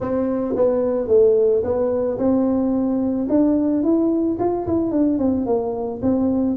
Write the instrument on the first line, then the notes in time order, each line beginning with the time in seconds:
tuba
0.00 C4
0.56 B3
1.07 A3
1.63 B3
2.18 C4
3.29 D4
3.83 E4
4.39 F4
4.66 E4
4.91 D4
5.18 C4
5.46 A#3
6.01 C4